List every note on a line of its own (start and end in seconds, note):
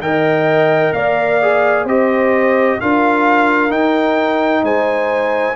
0.00 0.92 D#3
0.00 1.41 A#4
0.00 0.96 D#5
0.00 0.93 G5
0.93 1.85 A#3
0.93 1.84 D5
0.93 1.86 F5
1.42 1.88 G#4
1.84 2.77 C4
1.84 2.80 G4
1.84 2.77 C5
1.84 2.81 D#5
2.81 3.71 D4
2.81 3.70 F4
2.81 4.64 A#4
2.81 3.72 F5
3.70 5.54 D#4
3.70 4.63 D#4
3.70 4.64 G5
4.63 5.56 G#3
4.63 5.56 C5
4.63 5.56 G#5